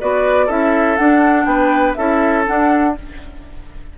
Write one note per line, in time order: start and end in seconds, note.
0.00 0.49 B3
0.00 0.48 F#4
0.00 0.46 B4
0.00 0.49 D5
0.46 0.98 C#4
0.46 0.97 E4
0.46 1.44 A4
0.46 0.97 E5
0.97 1.96 D4
0.97 1.45 D4
0.97 1.45 F#5
1.45 1.94 B3
1.45 1.97 B4
1.45 1.94 G5
1.95 2.47 C#4
1.95 2.45 E4
1.95 2.95 A4
1.95 2.44 E5
2.45 2.94 D4
2.45 2.98 D4
2.45 2.96 F#5